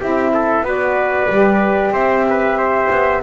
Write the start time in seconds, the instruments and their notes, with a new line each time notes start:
0.00 double bass C4, saxophone E4, trumpet G4, flute E5
0.34 trumpet A4
0.63 double bass B3, saxophone F#4, trumpet B4, flute D5
1.29 double bass G3, saxophone G4
1.91 double bass C4, trumpet C5, flute E5
2.30 trumpet B4
2.58 trumpet C5
2.91 double bass B3